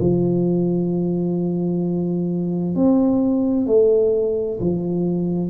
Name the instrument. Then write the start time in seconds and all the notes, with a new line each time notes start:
tuba
0.00 F3
2.76 C4
3.67 A3
4.60 F3